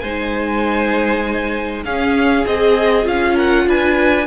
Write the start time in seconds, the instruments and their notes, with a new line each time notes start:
0.00 cello G#3, viola D#4, violin C5 G#5
1.84 cello C#4, viola C#4, violin G#4 F5
2.46 cello C4, viola G#4, violin D#5
3.03 cello C#4, viola F4, violin F5
3.34 violin A#4 F#5
3.67 cello D4, violin B4 G#5